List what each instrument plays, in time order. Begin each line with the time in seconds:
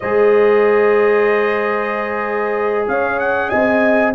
0.00 tuba G#3, trombone G#4, horn C5, trumpet D#5
2.87 tuba C#4, horn C#5, trumpet F5
3.19 trumpet F#5
3.49 tuba C4, horn D#5, trumpet G#5